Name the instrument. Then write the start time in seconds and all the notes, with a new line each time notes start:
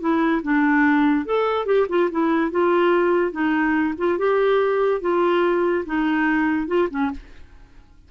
clarinet
0.00 E4
0.42 D4
1.25 A4
1.66 G4
1.89 F4
2.10 E4
2.51 F4
3.31 D#4
3.97 F4
4.18 G4
5.01 F4
5.85 D#4
6.67 F4
6.90 C#4